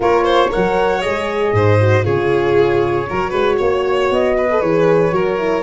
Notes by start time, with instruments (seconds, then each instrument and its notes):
0.00 tuba A#3, horn F4, violin A#4, flute C#5
0.24 violin C5
0.48 horn A#4, violin C#5, flute F#5
0.56 tuba F#3
1.01 tuba G#3, horn G#4, flute D#5
1.52 tuba G#2, violin C5
1.80 horn F#4
2.03 tuba C#3, horn F4, violin G#4, flute C#5
3.09 tuba F#3, horn F#4, violin A#4
3.29 tuba G#3, violin B4
3.57 tuba A#3, violin C#5
4.10 tuba B3, flute D#5
4.37 violin B4
4.50 horn A4
4.61 tuba E3, horn G#4, flute C#5
5.11 tuba F#3, horn F#4, violin A#4
5.37 horn E4